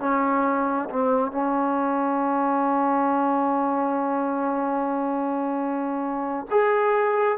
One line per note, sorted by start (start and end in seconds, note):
0.00 0.90 C#4
0.90 1.32 C4
1.32 6.47 C#4
6.51 7.39 G#4